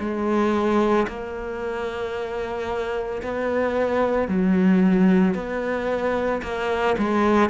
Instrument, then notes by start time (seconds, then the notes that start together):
cello
0.00 G#3
1.08 A#3
3.22 B3
4.28 F#3
5.35 B3
6.43 A#3
6.98 G#3